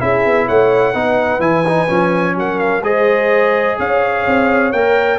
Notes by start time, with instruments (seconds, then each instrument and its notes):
0.00 tuba C#4, trombone E4, horn G#4, trumpet E5
0.26 tuba B3
0.47 tuba A3, horn C#5, trumpet F#5
0.94 tuba B3, trombone D#4, horn B4
1.40 tuba E3, trombone E4, trumpet G#5
1.68 trombone D#4
1.88 tuba F3, trombone C#4
2.36 tuba F#3, horn A#4, trumpet F#5
2.59 trumpet F5
2.82 tuba G#3, trombone G#4, horn C5, trumpet D#5
3.78 tuba C#4, horn C#5, trumpet F5
4.27 tuba C4
4.72 tuba A#3, trombone A#4, trumpet G5